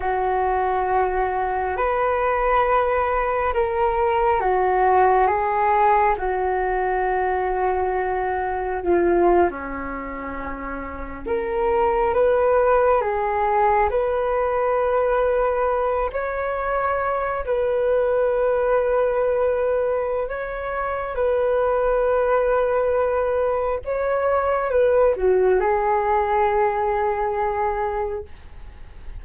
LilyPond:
\new Staff \with { instrumentName = "flute" } { \time 4/4 \tempo 4 = 68 fis'2 b'2 | ais'4 fis'4 gis'4 fis'4~ | fis'2 f'8. cis'4~ cis'16~ | cis'8. ais'4 b'4 gis'4 b'16~ |
b'2~ b'16 cis''4. b'16~ | b'2. cis''4 | b'2. cis''4 | b'8 fis'8 gis'2. | }